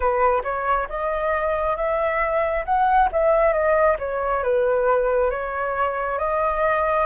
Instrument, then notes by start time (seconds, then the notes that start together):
flute
0.00 B4
0.43 C#5
0.88 D#5
1.76 E5
2.65 F#5
3.12 E5
3.52 D#5
3.99 C#5
4.43 B4
5.30 C#5
6.18 D#5